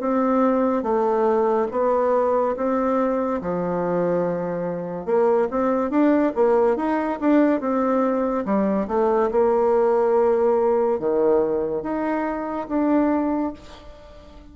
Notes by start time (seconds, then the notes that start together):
0.00 C4
0.83 A3
1.71 B3
2.56 C4
3.41 F3
5.06 A#3
5.50 C4
5.90 D4
6.35 A#3
6.76 D#4
7.21 D4
7.60 C4
8.45 G3
8.88 A3
9.31 A#3
10.99 D#3
11.82 D#4
12.68 D4